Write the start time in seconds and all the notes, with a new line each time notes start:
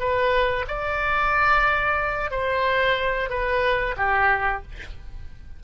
0.00 B4
0.68 D5
2.31 C5
3.30 B4
3.97 G4